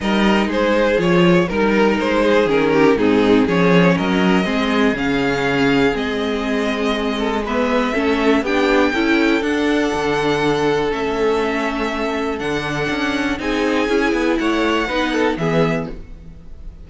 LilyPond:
<<
  \new Staff \with { instrumentName = "violin" } { \time 4/4 \tempo 4 = 121 dis''4 c''4 cis''4 ais'4 | c''4 ais'4 gis'4 cis''4 | dis''2 f''2 | dis''2. e''4~ |
e''4 g''2 fis''4~ | fis''2 e''2~ | e''4 fis''2 gis''4~ | gis''4 fis''2 e''4 | }
  \new Staff \with { instrumentName = "violin" } { \time 4/4 ais'4 gis'2 ais'4~ | ais'8 gis'4 g'8 dis'4 gis'4 | ais'4 gis'2.~ | gis'2~ gis'8 a'8 b'4 |
a'4 g'4 a'2~ | a'1~ | a'2. gis'4~ | gis'4 cis''4 b'8 a'8 gis'4 | }
  \new Staff \with { instrumentName = "viola" } { \time 4/4 dis'2 f'4 dis'4~ | dis'4 cis'4 c'4 cis'4~ | cis'4 c'4 cis'2 | c'2. b4 |
cis'4 d'4 e'4 d'4~ | d'2 cis'2~ | cis'4 d'2 dis'4 | e'2 dis'4 b4 | }
  \new Staff \with { instrumentName = "cello" } { \time 4/4 g4 gis4 f4 g4 | gis4 dis4 gis,4 f4 | fis4 gis4 cis2 | gis1 |
a4 b4 cis'4 d'4 | d2 a2~ | a4 d4 cis'4 c'4 | cis'8 b8 a4 b4 e4 | }
>>